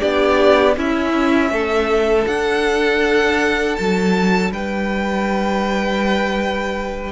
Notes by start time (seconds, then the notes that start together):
0.00 B3 D4 G4 D5
0.76 C#4 E4 E5
1.51 A3 A4
2.26 D4 F#5
3.76 F#3 A5
4.51 G3 B4 G5